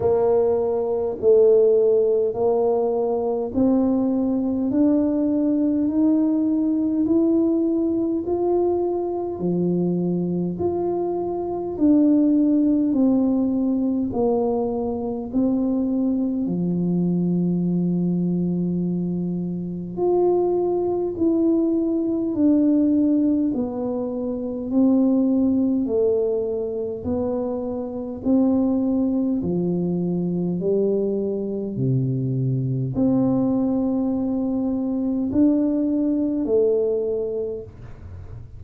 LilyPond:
\new Staff \with { instrumentName = "tuba" } { \time 4/4 \tempo 4 = 51 ais4 a4 ais4 c'4 | d'4 dis'4 e'4 f'4 | f4 f'4 d'4 c'4 | ais4 c'4 f2~ |
f4 f'4 e'4 d'4 | b4 c'4 a4 b4 | c'4 f4 g4 c4 | c'2 d'4 a4 | }